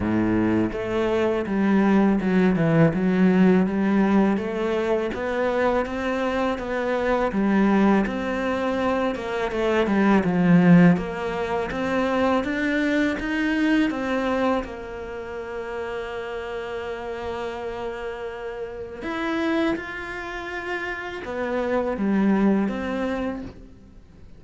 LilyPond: \new Staff \with { instrumentName = "cello" } { \time 4/4 \tempo 4 = 82 a,4 a4 g4 fis8 e8 | fis4 g4 a4 b4 | c'4 b4 g4 c'4~ | c'8 ais8 a8 g8 f4 ais4 |
c'4 d'4 dis'4 c'4 | ais1~ | ais2 e'4 f'4~ | f'4 b4 g4 c'4 | }